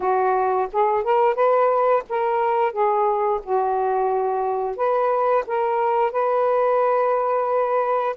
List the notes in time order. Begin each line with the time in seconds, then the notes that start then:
0.00 F#4
0.72 G#4
1.03 A#4
1.35 B4
2.09 A#4
2.72 G#4
3.43 F#4
4.76 B4
5.46 A#4
6.11 B4